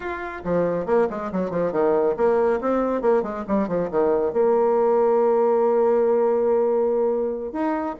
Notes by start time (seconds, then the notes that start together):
0.00 F4
0.44 F3
0.86 A#3
1.10 G#3
1.32 F#3
1.50 F3
1.71 D#3
2.16 A#3
2.60 C4
3.01 A#3
3.22 G#3
3.47 G3
3.67 F3
3.90 D#3
4.32 A#3
7.52 D#4